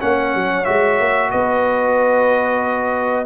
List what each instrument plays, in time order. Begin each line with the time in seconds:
0.00 tuba A#3, trombone C#4, horn C#5, trumpet F#5
0.35 tuba F#3
0.65 tuba G#3, trombone F#4, trumpet E5
0.99 tuba A#3
1.31 tuba B3, horn B4, trumpet D#5